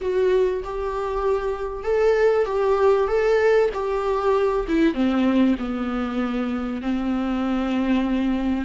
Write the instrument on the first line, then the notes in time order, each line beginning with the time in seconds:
viola
0.01 F#4
0.64 G4
1.83 A4
2.45 G4
3.07 A4
3.73 G4
4.68 E4
4.93 C4
5.58 B3
6.81 C4